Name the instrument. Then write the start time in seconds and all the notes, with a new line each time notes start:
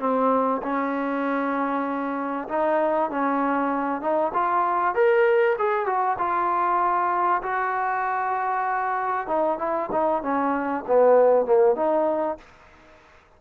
trombone
0.00 C4
0.63 C#4
2.49 D#4
3.11 C#4
4.02 D#4
4.34 F4
4.95 A#4
5.59 G#4
5.86 F#4
6.19 F4
7.43 F#4
9.28 D#4
9.59 E4
9.92 D#4
10.23 C#4
10.88 B3
11.46 A#3
11.76 D#4